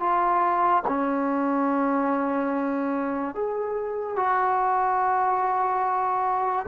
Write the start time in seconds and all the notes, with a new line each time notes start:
0.00 F4
0.88 C#4
3.35 G#4
4.16 F#4